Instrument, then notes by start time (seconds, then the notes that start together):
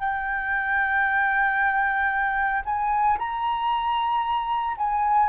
flute
0.00 G5
2.66 G#5
3.19 A#5
4.78 G#5